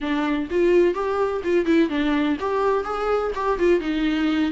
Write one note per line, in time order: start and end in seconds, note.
0.00 0.48 D4
0.50 0.94 F4
0.94 1.42 G4
1.44 1.65 F4
1.65 1.89 E4
1.89 2.37 D4
2.39 2.84 G4
2.84 3.31 G#4
3.34 3.58 G4
3.58 3.80 F4
3.80 4.51 D#4